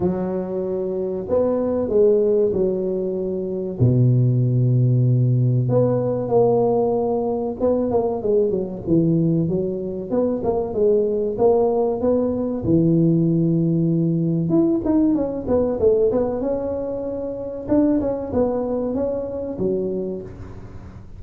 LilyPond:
\new Staff \with { instrumentName = "tuba" } { \time 4/4 \tempo 4 = 95 fis2 b4 gis4 | fis2 b,2~ | b,4 b4 ais2 | b8 ais8 gis8 fis8 e4 fis4 |
b8 ais8 gis4 ais4 b4 | e2. e'8 dis'8 | cis'8 b8 a8 b8 cis'2 | d'8 cis'8 b4 cis'4 fis4 | }